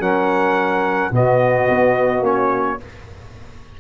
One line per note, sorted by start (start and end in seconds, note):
0.00 1.11 F#3
0.00 1.12 C#4
0.00 1.11 A#4
0.00 1.13 F#5
1.11 1.67 B2
1.11 2.22 B3
1.11 2.81 F#4
1.11 2.25 D#5
1.70 2.21 B3
2.21 2.76 A#3
2.21 2.78 C#4
2.21 2.80 C#5